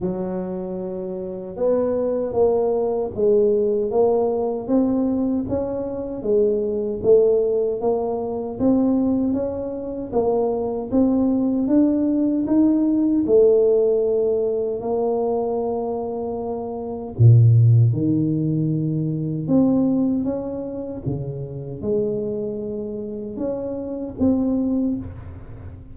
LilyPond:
\new Staff \with { instrumentName = "tuba" } { \time 4/4 \tempo 4 = 77 fis2 b4 ais4 | gis4 ais4 c'4 cis'4 | gis4 a4 ais4 c'4 | cis'4 ais4 c'4 d'4 |
dis'4 a2 ais4~ | ais2 ais,4 dis4~ | dis4 c'4 cis'4 cis4 | gis2 cis'4 c'4 | }